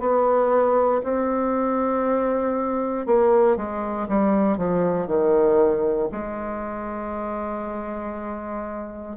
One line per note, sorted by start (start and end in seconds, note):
0.00 1.02 B3
1.04 3.06 C4
3.06 3.57 A#3
3.57 4.08 G#3
4.09 4.58 G3
4.58 5.08 F3
5.08 6.09 D#3
6.12 9.17 G#3